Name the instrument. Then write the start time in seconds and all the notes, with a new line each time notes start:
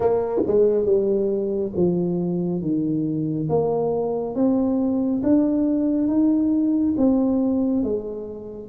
tuba
0.00 A#3
0.47 G#3
0.85 G3
1.75 F3
2.61 D#3
3.49 A#3
4.35 C4
5.23 D4
6.07 D#4
6.97 C4
7.83 G#3